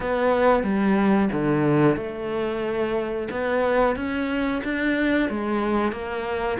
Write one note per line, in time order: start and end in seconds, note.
0.00 0.63 B3
0.63 1.29 G3
1.32 1.96 D3
1.96 3.28 A3
3.30 3.96 B3
3.96 4.62 C#4
4.64 5.29 D4
5.29 5.92 G#3
5.92 6.58 A#3